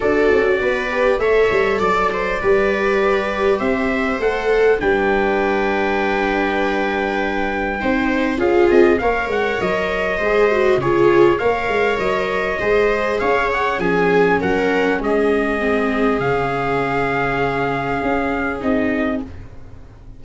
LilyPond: <<
  \new Staff \with { instrumentName = "trumpet" } { \time 4/4 \tempo 4 = 100 d''2 e''4 d''4~ | d''2 e''4 fis''4 | g''1~ | g''2 f''8 dis''8 f''8 fis''8 |
dis''2 cis''4 f''4 | dis''2 f''8 fis''8 gis''4 | fis''4 dis''2 f''4~ | f''2. dis''4 | }
  \new Staff \with { instrumentName = "viola" } { \time 4/4 a'4 b'4 cis''4 d''8 c''8 | b'2 c''2 | b'1~ | b'4 c''4 gis'4 cis''4~ |
cis''4 c''4 gis'4 cis''4~ | cis''4 c''4 cis''4 gis'4 | ais'4 gis'2.~ | gis'1 | }
  \new Staff \with { instrumentName = "viola" } { \time 4/4 fis'4. g'8 a'2 | g'2. a'4 | d'1~ | d'4 dis'4 f'4 ais'4~ |
ais'4 gis'8 fis'8 f'4 ais'4~ | ais'4 gis'2 cis'4~ | cis'2 c'4 cis'4~ | cis'2. dis'4 | }
  \new Staff \with { instrumentName = "tuba" } { \time 4/4 d'8 cis'8 b4 a8 g8 fis4 | g2 c'4 a4 | g1~ | g4 c'4 cis'8 c'8 ais8 gis8 |
fis4 gis4 cis4 ais8 gis8 | fis4 gis4 cis'4 f4 | fis4 gis2 cis4~ | cis2 cis'4 c'4 | }
>>